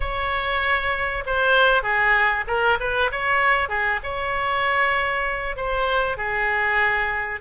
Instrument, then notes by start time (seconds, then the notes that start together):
oboe
0.00 C#5
1.25 C5
1.82 G#4
2.47 A#4
2.79 B4
3.11 C#5
3.69 G#4
4.03 C#5
5.56 C5
6.17 G#4